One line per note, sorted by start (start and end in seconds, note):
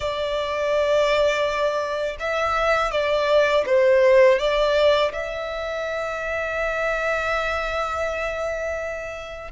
0.00 2.16 D5
2.19 2.91 E5
2.91 3.64 D5
3.66 4.39 C5
4.39 5.12 D5
5.12 9.51 E5